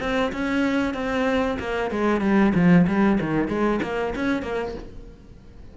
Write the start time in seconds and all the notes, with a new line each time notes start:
0.00 C4
0.32 C#4
0.94 C4
1.59 A#3
1.91 G#3
2.21 G3
2.55 F3
2.87 G3
3.21 D#3
3.48 G#3
3.82 A#3
4.15 C#4
4.42 A#3